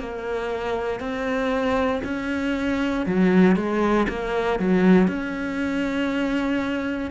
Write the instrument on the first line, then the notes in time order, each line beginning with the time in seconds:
cello
0.00 A#3
1.00 C4
2.04 C#4
3.06 F#3
3.56 G#3
4.09 A#3
4.59 F#3
5.08 C#4